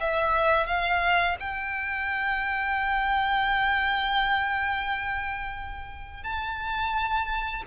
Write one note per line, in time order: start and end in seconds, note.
0.00 0.67 E5
0.67 1.37 F5
1.40 6.23 G5
6.23 7.63 A5